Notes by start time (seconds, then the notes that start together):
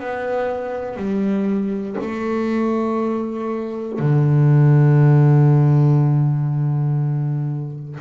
0.00 B3
0.96 G3
2.01 A3
4.00 D3